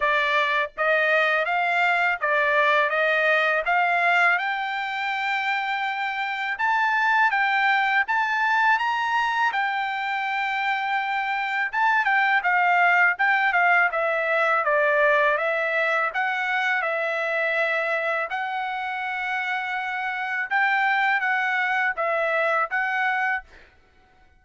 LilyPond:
\new Staff \with { instrumentName = "trumpet" } { \time 4/4 \tempo 4 = 82 d''4 dis''4 f''4 d''4 | dis''4 f''4 g''2~ | g''4 a''4 g''4 a''4 | ais''4 g''2. |
a''8 g''8 f''4 g''8 f''8 e''4 | d''4 e''4 fis''4 e''4~ | e''4 fis''2. | g''4 fis''4 e''4 fis''4 | }